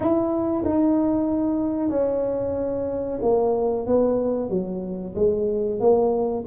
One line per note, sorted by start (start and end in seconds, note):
0.00 0.64 E4
0.64 1.89 D#4
1.89 3.18 C#4
3.22 3.86 A#3
3.86 4.49 B3
4.49 5.14 F#3
5.15 5.79 G#3
5.79 6.44 A#3